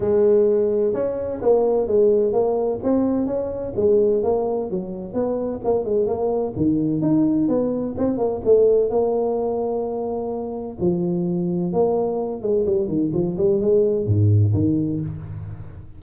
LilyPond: \new Staff \with { instrumentName = "tuba" } { \time 4/4 \tempo 4 = 128 gis2 cis'4 ais4 | gis4 ais4 c'4 cis'4 | gis4 ais4 fis4 b4 | ais8 gis8 ais4 dis4 dis'4 |
b4 c'8 ais8 a4 ais4~ | ais2. f4~ | f4 ais4. gis8 g8 dis8 | f8 g8 gis4 gis,4 dis4 | }